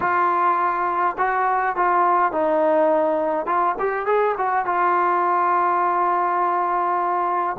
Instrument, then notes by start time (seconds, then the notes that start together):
trombone
0.00 F4
1.18 F#4
1.76 F4
2.32 D#4
3.46 F4
3.79 G4
4.06 G#4
4.37 F#4
4.65 F4